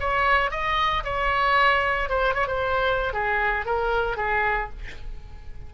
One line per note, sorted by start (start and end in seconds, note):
0.00 0.51 C#5
0.51 1.03 D#5
1.04 2.09 C#5
2.09 2.34 C5
2.34 2.47 C#5
2.47 3.13 C5
3.13 3.66 G#4
3.66 4.17 A#4
4.17 4.69 G#4